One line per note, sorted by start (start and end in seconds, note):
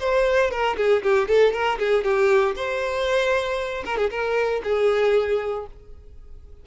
0.00 0.51 C5
0.51 0.77 A#4
0.77 1.03 G#4
1.03 1.28 G4
1.28 1.53 A4
1.53 1.79 A#4
1.79 2.04 G#4
2.04 2.55 G4
2.56 3.84 C5
3.85 3.97 A#4
3.97 4.10 G#4
4.10 4.62 A#4
4.64 5.66 G#4